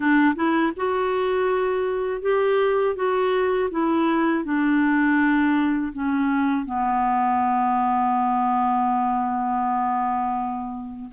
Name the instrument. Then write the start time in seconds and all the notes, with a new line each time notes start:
clarinet
0.00 D4
0.35 E4
0.76 F#4
2.21 G4
2.95 F#4
3.70 E4
4.44 D4
5.93 C#4
6.65 B3